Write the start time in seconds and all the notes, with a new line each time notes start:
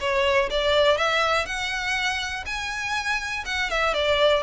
0.00 C#5
0.50 D5
0.97 E5
1.46 F#5
2.46 G#5
3.46 F#5
3.70 E5
3.94 D5